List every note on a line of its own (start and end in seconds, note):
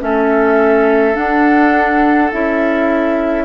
0.00 1.16 A3
0.00 1.14 C#4
0.00 3.45 A4
0.00 1.16 E5
1.14 2.30 D4
1.14 2.32 D4
1.14 2.31 F#5
2.32 3.45 C#4
2.32 3.45 E4
2.32 3.45 E5